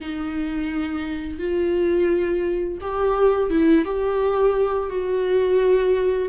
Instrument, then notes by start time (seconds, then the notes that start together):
viola
0.00 D#4
1.38 F4
2.81 G4
3.50 E4
3.85 G4
4.89 F#4